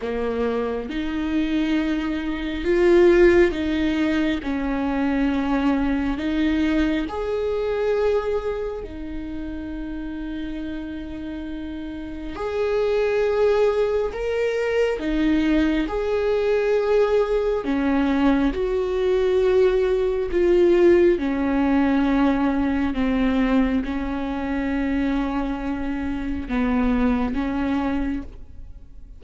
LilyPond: \new Staff \with { instrumentName = "viola" } { \time 4/4 \tempo 4 = 68 ais4 dis'2 f'4 | dis'4 cis'2 dis'4 | gis'2 dis'2~ | dis'2 gis'2 |
ais'4 dis'4 gis'2 | cis'4 fis'2 f'4 | cis'2 c'4 cis'4~ | cis'2 b4 cis'4 | }